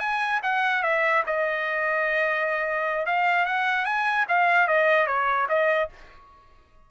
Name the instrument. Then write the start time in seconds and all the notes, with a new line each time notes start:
trumpet
0.00 G#5
0.43 F#5
0.83 E5
1.27 D#5
3.06 F5
3.46 F#5
3.85 G#5
4.28 F5
4.68 D#5
5.07 C#5
5.49 D#5